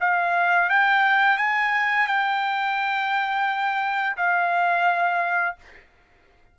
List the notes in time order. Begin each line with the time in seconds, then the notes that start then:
0.00 F5
0.69 G5
1.37 G#5
2.07 G5
4.16 F5